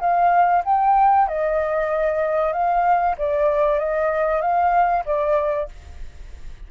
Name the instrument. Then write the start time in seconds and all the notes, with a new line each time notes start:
flute
0.00 F5
0.65 G5
1.28 D#5
2.53 F5
3.18 D5
3.79 D#5
4.42 F5
5.06 D5